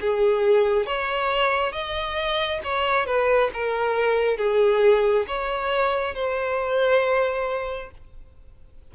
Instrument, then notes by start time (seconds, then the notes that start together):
violin
0.00 G#4
0.86 C#5
1.72 D#5
2.64 C#5
3.06 B4
3.53 A#4
4.37 G#4
5.27 C#5
6.14 C5